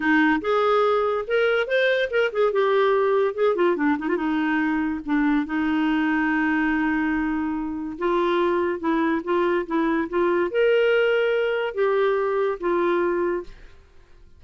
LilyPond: \new Staff \with { instrumentName = "clarinet" } { \time 4/4 \tempo 4 = 143 dis'4 gis'2 ais'4 | c''4 ais'8 gis'8 g'2 | gis'8 f'8 d'8 dis'16 f'16 dis'2 | d'4 dis'2.~ |
dis'2. f'4~ | f'4 e'4 f'4 e'4 | f'4 ais'2. | g'2 f'2 | }